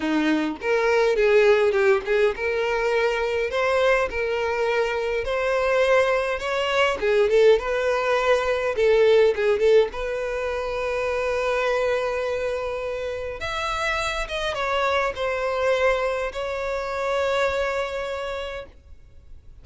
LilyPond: \new Staff \with { instrumentName = "violin" } { \time 4/4 \tempo 4 = 103 dis'4 ais'4 gis'4 g'8 gis'8 | ais'2 c''4 ais'4~ | ais'4 c''2 cis''4 | gis'8 a'8 b'2 a'4 |
gis'8 a'8 b'2.~ | b'2. e''4~ | e''8 dis''8 cis''4 c''2 | cis''1 | }